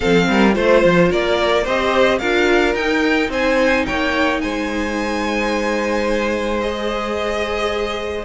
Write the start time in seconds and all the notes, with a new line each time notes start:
0.00 F3 C4 A4 F5
0.28 G3 A#4
0.52 A3 F4 C5
0.84 F3
1.10 A#3 A#4 D5
1.63 C4 G4 C5 D#5
2.18 D4 F4 A#4 F5
2.74 D#4 G5
3.29 C4 C5 G#5
3.85 A#3 C#5 G5
4.40 G#3 C5 G#5
6.60 G#4 D#5